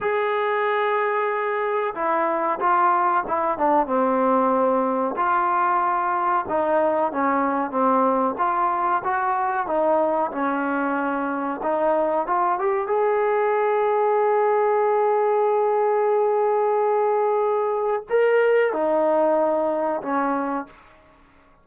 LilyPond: \new Staff \with { instrumentName = "trombone" } { \time 4/4 \tempo 4 = 93 gis'2. e'4 | f'4 e'8 d'8 c'2 | f'2 dis'4 cis'4 | c'4 f'4 fis'4 dis'4 |
cis'2 dis'4 f'8 g'8 | gis'1~ | gis'1 | ais'4 dis'2 cis'4 | }